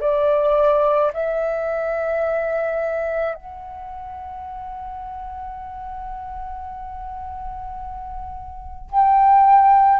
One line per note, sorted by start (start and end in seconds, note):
0.00 1.11 D5
1.13 3.34 E5
3.34 8.90 F#5
8.91 10.00 G5